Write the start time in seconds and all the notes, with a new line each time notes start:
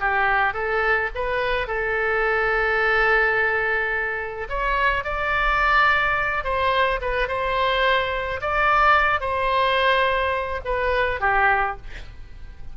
0.00 G4
0.54 A4
1.14 B4
1.67 A4
4.49 C#5
5.04 D5
6.44 C5
7.01 B4
7.28 C5
8.41 D5
9.20 C5
10.64 B4
11.20 G4